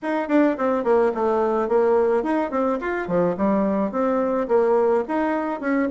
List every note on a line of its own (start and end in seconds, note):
0.02 0.28 D#4
0.28 0.56 D4
0.57 0.83 C4
0.83 1.11 A#3
1.14 1.68 A3
1.68 2.23 A#3
2.23 2.51 D#4
2.51 2.79 C4
2.80 3.07 F4
3.07 3.35 F3
3.37 3.91 G3
3.91 4.47 C4
4.47 5.03 A#3
5.07 5.60 D#4
5.60 5.88 C#4